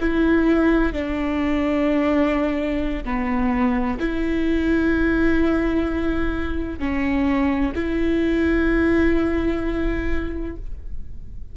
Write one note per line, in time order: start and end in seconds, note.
0.00 0.93 E4
0.93 3.04 D4
3.04 3.98 B3
4.00 6.79 E4
6.79 7.73 C#4
7.75 10.56 E4